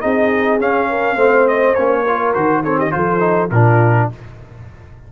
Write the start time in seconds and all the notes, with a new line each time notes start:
0.00 C4 D#4 G#4 D#5
0.59 C#4 F5
0.89 A#4
1.15 A3 C4 C5
1.47 D#5
1.75 A#3 C#4 C#5
2.03 F4 A#4
2.34 D#3 F#4 C5
2.63 C4 A4 C#5
2.77 G4 D#5
2.90 F3 F4 A4 C5
3.19 D#4
3.50 A#2 D4 F4 A#4